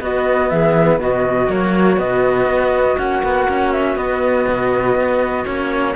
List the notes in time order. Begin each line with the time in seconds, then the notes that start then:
0.00 B3 F#4 D#5
0.49 E3 G#4 E5
0.99 B2 F#4 D#5
1.48 F#3 A#3 C#5
1.97 B2 B3 D#5
2.47 B3
2.98 A#3 C#4 F#5
3.23 B3
3.49 C#4
3.72 E5
3.96 B3 D#5
4.48 B2
4.96 B3
5.45 A#3 C#4 C#5